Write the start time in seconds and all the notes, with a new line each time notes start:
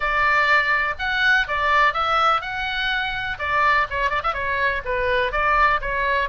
0.00 D5
0.98 F#5
1.47 D5
1.93 E5
2.41 F#5
3.38 D5
3.90 C#5
4.10 D5
4.23 E5
4.33 C#5
4.84 B4
5.32 D5
5.81 C#5